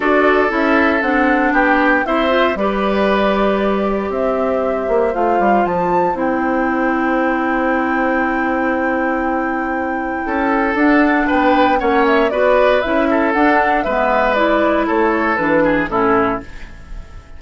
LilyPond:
<<
  \new Staff \with { instrumentName = "flute" } { \time 4/4 \tempo 4 = 117 d''4 e''4 fis''4 g''4 | e''4 d''2. | e''2 f''4 a''4 | g''1~ |
g''1~ | g''4 fis''4 g''4 fis''8 e''8 | d''4 e''4 fis''4 e''4 | d''4 cis''4 b'4 a'4 | }
  \new Staff \with { instrumentName = "oboe" } { \time 4/4 a'2. g'4 | c''4 b'2. | c''1~ | c''1~ |
c''1 | a'2 b'4 cis''4 | b'4. a'4. b'4~ | b'4 a'4. gis'8 e'4 | }
  \new Staff \with { instrumentName = "clarinet" } { \time 4/4 fis'4 e'4 d'2 | e'8 f'8 g'2.~ | g'2 f'2 | e'1~ |
e'1~ | e'4 d'2 cis'4 | fis'4 e'4 d'4 b4 | e'2 d'4 cis'4 | }
  \new Staff \with { instrumentName = "bassoon" } { \time 4/4 d'4 cis'4 c'4 b4 | c'4 g2. | c'4. ais8 a8 g8 f4 | c'1~ |
c'1 | cis'4 d'4 b4 ais4 | b4 cis'4 d'4 gis4~ | gis4 a4 e4 a,4 | }
>>